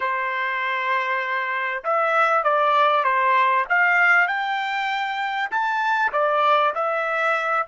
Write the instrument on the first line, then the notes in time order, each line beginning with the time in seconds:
trumpet
0.00 C5
1.84 E5
2.43 D5
3.03 C5
3.69 F5
4.27 G5
5.50 A5
6.12 D5
6.74 E5